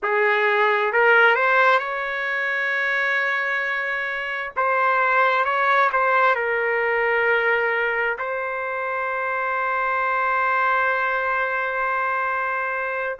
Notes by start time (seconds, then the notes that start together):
0.02 G#4
0.93 A#4
1.35 C5
1.79 C#5
4.56 C5
5.44 C#5
5.92 C5
6.35 A#4
8.18 C5